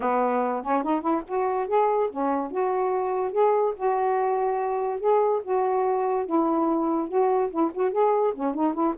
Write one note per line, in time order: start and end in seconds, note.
0.00 0.62 B3
0.62 0.83 C#4
0.83 1.01 D#4
1.01 1.21 E4
1.27 1.67 F#4
1.67 2.09 G#4
2.10 2.51 C#4
2.51 3.32 F#4
3.32 3.73 G#4
3.75 5.00 F#4
5.00 5.41 G#4
5.43 6.26 F#4
6.26 7.08 E4
7.08 7.50 F#4
7.50 7.71 E4
7.73 7.91 F#4
7.91 8.33 G#4
8.33 8.54 C#4
8.54 8.73 D#4
8.73 8.94 E4